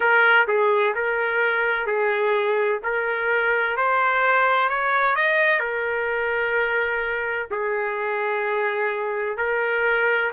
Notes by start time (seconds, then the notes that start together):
0.00 A#4
0.47 G#4
0.94 A#4
1.86 G#4
2.83 A#4
3.77 C5
4.69 C#5
5.15 D#5
5.60 A#4
7.50 G#4
9.37 A#4